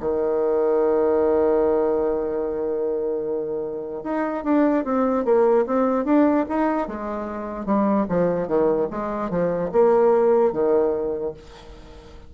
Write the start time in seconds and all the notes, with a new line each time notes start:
0.00 D#3
4.03 D#4
4.44 D4
4.84 C4
5.25 A#3
5.66 C4
6.04 D4
6.49 D#4
6.88 G#3
7.65 G3
8.09 F3
8.47 D#3
8.90 G#3
9.30 F3
9.72 A#3
10.53 D#3